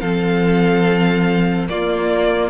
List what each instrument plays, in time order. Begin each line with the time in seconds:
0.00 cello F3, viola C4, violin A4 F5
1.68 viola A#3, cello A#3, violin F4 D5